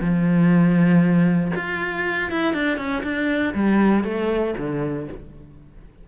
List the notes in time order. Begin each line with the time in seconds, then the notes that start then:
0.00 F3
1.55 F4
2.31 E4
2.53 D4
2.77 C#4
3.03 D4
3.54 G3
4.04 A3
4.57 D3